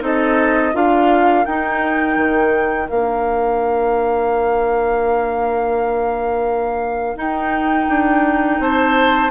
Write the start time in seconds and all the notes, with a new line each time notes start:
0.00 C4 D#4 A4 D#5
0.73 D4 F4 A#4 F5
1.45 D#4 G5
2.16 D#3
2.88 A#3 D4 F5
7.15 D#4 G5
7.88 D4
8.59 C4 C5 A5